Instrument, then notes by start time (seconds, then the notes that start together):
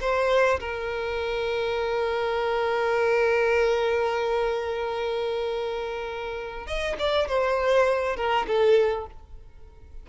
violin
0.00 C5
0.60 A#4
6.66 D#5
6.99 D5
7.28 C5
8.16 A#4
8.47 A4